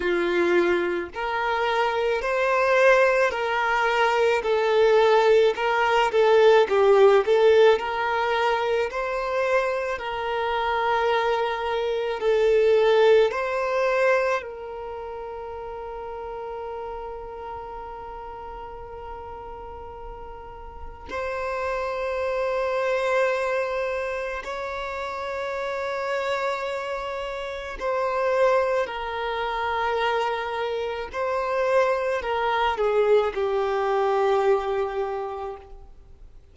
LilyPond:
\new Staff \with { instrumentName = "violin" } { \time 4/4 \tempo 4 = 54 f'4 ais'4 c''4 ais'4 | a'4 ais'8 a'8 g'8 a'8 ais'4 | c''4 ais'2 a'4 | c''4 ais'2.~ |
ais'2. c''4~ | c''2 cis''2~ | cis''4 c''4 ais'2 | c''4 ais'8 gis'8 g'2 | }